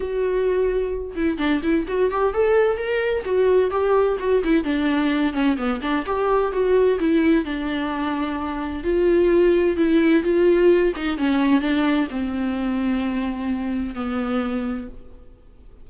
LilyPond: \new Staff \with { instrumentName = "viola" } { \time 4/4 \tempo 4 = 129 fis'2~ fis'8 e'8 d'8 e'8 | fis'8 g'8 a'4 ais'4 fis'4 | g'4 fis'8 e'8 d'4. cis'8 | b8 d'8 g'4 fis'4 e'4 |
d'2. f'4~ | f'4 e'4 f'4. dis'8 | cis'4 d'4 c'2~ | c'2 b2 | }